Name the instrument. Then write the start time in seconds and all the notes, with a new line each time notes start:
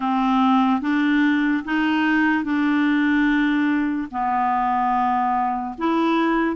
clarinet
0.00 C4
0.81 D4
1.64 D#4
2.44 D4
4.11 B3
5.78 E4